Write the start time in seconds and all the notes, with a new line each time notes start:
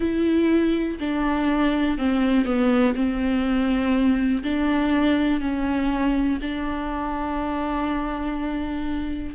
0.00 E4
0.99 D4
1.98 C4
2.45 B3
2.95 C4
4.43 D4
5.40 C#4
6.41 D4